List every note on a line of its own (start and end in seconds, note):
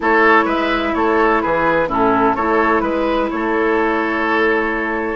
0.00 0.45 A3
0.00 1.88 E4
0.00 0.45 A4
0.00 0.48 C#5
0.45 0.92 G#3
0.45 0.92 B4
0.45 0.94 E5
0.94 1.42 A3
0.94 1.42 A4
0.94 1.41 C#5
1.41 1.87 E3
1.41 1.88 G#4
1.41 1.88 B4
1.87 2.34 A2
1.87 2.35 C#4
1.87 2.36 E4
1.87 2.35 A4
2.35 2.81 A3
2.35 5.16 E4
2.35 2.82 A4
2.35 2.80 C#5
2.80 3.29 G#3
2.80 3.27 B4
2.80 3.29 B4
3.30 5.16 A3
3.30 5.16 A4
3.30 5.16 C#5